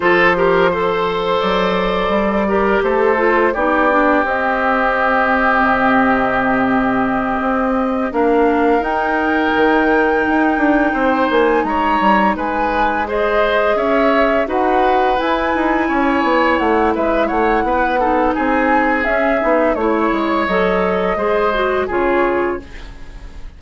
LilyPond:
<<
  \new Staff \with { instrumentName = "flute" } { \time 4/4 \tempo 4 = 85 c''2 d''2 | c''4 d''4 dis''2~ | dis''2.~ dis''8 f''8~ | f''8 g''2.~ g''8 |
gis''8 ais''4 gis''4 dis''4 e''8~ | e''8 fis''4 gis''2 fis''8 | e''8 fis''4. gis''4 e''4 | cis''4 dis''2 cis''4 | }
  \new Staff \with { instrumentName = "oboe" } { \time 4/4 a'8 ais'8 c''2~ c''8 ais'8 | a'4 g'2.~ | g'2.~ g'8 ais'8~ | ais'2.~ ais'8 c''8~ |
c''8 cis''4 b'4 c''4 cis''8~ | cis''8 b'2 cis''4. | b'8 cis''8 b'8 a'8 gis'2 | cis''2 c''4 gis'4 | }
  \new Staff \with { instrumentName = "clarinet" } { \time 4/4 f'8 g'8 a'2~ a'8 g'8~ | g'8 f'8 dis'8 d'8 c'2~ | c'2.~ c'8 d'8~ | d'8 dis'2.~ dis'8~ |
dis'2~ dis'8 gis'4.~ | gis'8 fis'4 e'2~ e'8~ | e'4. dis'4. cis'8 dis'8 | e'4 a'4 gis'8 fis'8 f'4 | }
  \new Staff \with { instrumentName = "bassoon" } { \time 4/4 f2 fis4 g4 | a4 b4 c'2 | c2~ c8 c'4 ais8~ | ais8 dis'4 dis4 dis'8 d'8 c'8 |
ais8 gis8 g8 gis2 cis'8~ | cis'8 dis'4 e'8 dis'8 cis'8 b8 a8 | gis8 a8 b4 c'4 cis'8 b8 | a8 gis8 fis4 gis4 cis4 | }
>>